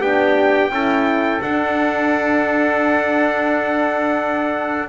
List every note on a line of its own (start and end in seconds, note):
0.00 0.70 B3
0.00 0.71 D4
0.00 0.70 G4
0.00 1.41 G5
0.70 1.39 C#4
0.70 1.41 E4
0.70 4.89 A4
1.41 4.89 D4
1.41 4.89 F#5